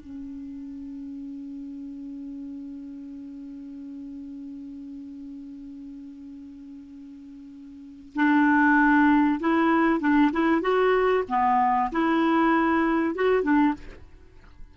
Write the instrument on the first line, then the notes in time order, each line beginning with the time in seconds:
clarinet
0.00 C#4
8.15 D4
9.40 E4
10.00 D4
10.32 E4
10.61 F#4
11.28 B3
11.92 E4
13.15 F#4
13.43 D4